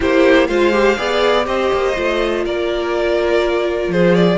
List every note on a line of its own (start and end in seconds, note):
0.00 0.48 A#3
0.00 0.48 E4
0.00 0.47 G4
0.00 0.47 C5
0.47 0.97 G#3
0.47 0.72 F4
0.47 0.97 C5
0.47 1.44 F5
0.72 0.96 G4
0.97 1.46 B3
0.97 1.45 G#4
0.97 1.46 D5
1.45 1.71 C4
1.45 1.93 G4
1.45 2.44 C5
1.45 2.45 D#5
1.72 1.97 A#3
1.95 2.45 A3
1.95 4.38 F4
2.45 3.87 A#3
2.45 3.92 A#4
2.45 3.91 D5
3.87 4.36 F3
3.87 4.38 G#4
3.87 4.14 C5
4.14 4.38 D5